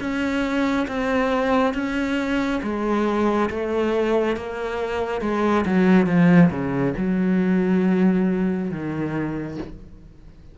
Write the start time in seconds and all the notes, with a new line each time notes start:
0.00 C#4
0.87 C4
1.74 C#4
2.62 G#3
3.50 A3
4.36 A#3
5.21 G#3
5.66 F#3
6.06 F3
6.51 C#3
6.97 F#3
8.71 D#3